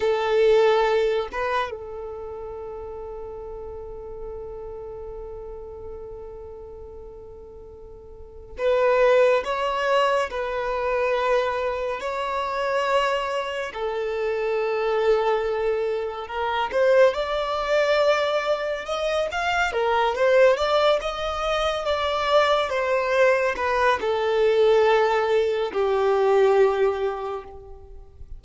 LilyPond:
\new Staff \with { instrumentName = "violin" } { \time 4/4 \tempo 4 = 70 a'4. b'8 a'2~ | a'1~ | a'2 b'4 cis''4 | b'2 cis''2 |
a'2. ais'8 c''8 | d''2 dis''8 f''8 ais'8 c''8 | d''8 dis''4 d''4 c''4 b'8 | a'2 g'2 | }